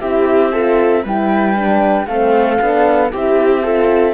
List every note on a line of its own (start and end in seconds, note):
0.00 1.04 C4
0.00 0.52 E4
0.00 0.52 G4
0.00 1.04 E5
0.52 1.03 F4
0.52 1.02 A4
1.02 2.07 G3
1.02 1.55 E4
1.02 2.06 B4
1.02 2.06 G5
1.55 2.07 D4
2.06 2.58 A3
2.06 2.59 C4
2.06 3.12 A4
2.06 3.10 F5
2.59 3.12 B3
2.59 3.10 D4
3.11 4.13 C4
3.11 3.62 E4
3.11 3.63 G4
3.11 4.13 E5
3.62 4.13 F4
3.62 4.13 A4